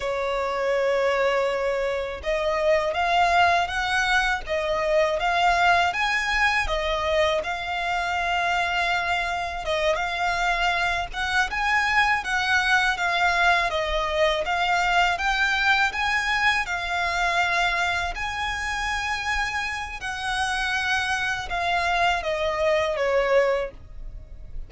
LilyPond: \new Staff \with { instrumentName = "violin" } { \time 4/4 \tempo 4 = 81 cis''2. dis''4 | f''4 fis''4 dis''4 f''4 | gis''4 dis''4 f''2~ | f''4 dis''8 f''4. fis''8 gis''8~ |
gis''8 fis''4 f''4 dis''4 f''8~ | f''8 g''4 gis''4 f''4.~ | f''8 gis''2~ gis''8 fis''4~ | fis''4 f''4 dis''4 cis''4 | }